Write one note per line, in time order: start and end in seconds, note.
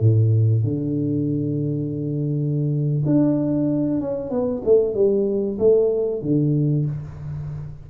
0.00 0.64 A2
0.64 3.03 D3
3.06 4.01 D4
4.01 4.30 C#4
4.30 4.62 B3
4.65 4.94 A3
4.94 5.58 G3
5.59 6.22 A3
6.22 6.86 D3